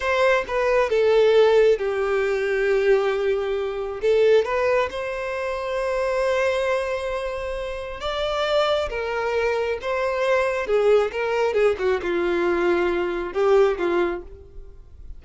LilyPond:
\new Staff \with { instrumentName = "violin" } { \time 4/4 \tempo 4 = 135 c''4 b'4 a'2 | g'1~ | g'4 a'4 b'4 c''4~ | c''1~ |
c''2 d''2 | ais'2 c''2 | gis'4 ais'4 gis'8 fis'8 f'4~ | f'2 g'4 f'4 | }